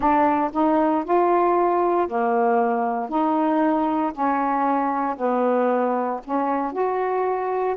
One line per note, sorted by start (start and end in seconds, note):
0.00 0.50 D4
0.52 1.04 D#4
1.04 2.07 F4
2.07 3.08 A#3
3.08 4.12 D#4
4.12 5.16 C#4
5.17 6.20 B3
6.24 6.72 C#4
6.72 7.75 F#4